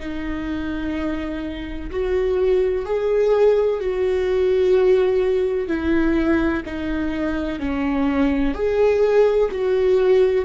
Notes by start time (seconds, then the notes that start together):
0.00 D#4
1.91 F#4
2.86 G#4
3.81 F#4
5.68 E4
6.66 D#4
7.60 C#4
8.55 G#4
9.52 F#4